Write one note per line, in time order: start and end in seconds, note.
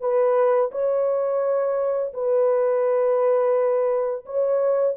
0.00 0.71 B4
0.71 2.12 C#5
2.13 4.25 B4
4.25 4.96 C#5